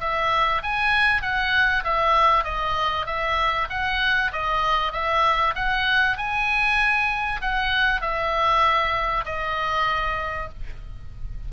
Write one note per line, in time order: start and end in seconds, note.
0.00 0.62 E5
0.63 1.22 G#5
1.22 1.84 F#5
1.84 2.44 E5
2.44 3.06 D#5
3.06 3.68 E5
3.69 4.31 F#5
4.32 4.92 D#5
4.92 5.54 E5
5.55 6.17 F#5
6.17 7.41 G#5
7.41 8.01 F#5
8.01 9.24 E5
9.25 10.49 D#5